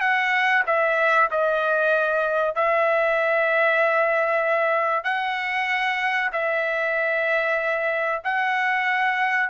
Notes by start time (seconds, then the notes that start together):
0.00 F#5
0.66 E5
1.31 D#5
2.55 E5
5.04 F#5
6.32 E5
8.24 F#5